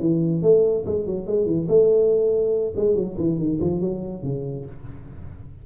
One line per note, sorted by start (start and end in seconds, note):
0.00 0.42 E3
0.42 0.85 A3
0.86 1.06 G#3
1.06 1.27 F#3
1.27 1.46 G#3
1.46 1.67 E3
1.68 2.74 A3
2.77 2.96 G#3
2.96 3.17 F#3
3.18 3.39 E3
3.39 3.60 D#3
3.61 3.81 F3
3.81 4.23 F#3
4.23 4.66 C#3